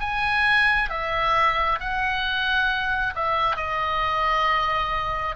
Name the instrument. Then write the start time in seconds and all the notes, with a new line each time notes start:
oboe
0.00 G#5
0.90 E5
1.80 F#5
3.15 E5
3.56 D#5